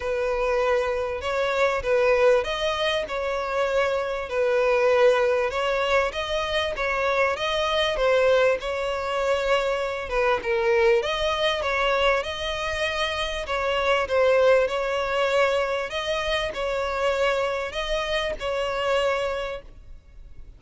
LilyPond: \new Staff \with { instrumentName = "violin" } { \time 4/4 \tempo 4 = 98 b'2 cis''4 b'4 | dis''4 cis''2 b'4~ | b'4 cis''4 dis''4 cis''4 | dis''4 c''4 cis''2~ |
cis''8 b'8 ais'4 dis''4 cis''4 | dis''2 cis''4 c''4 | cis''2 dis''4 cis''4~ | cis''4 dis''4 cis''2 | }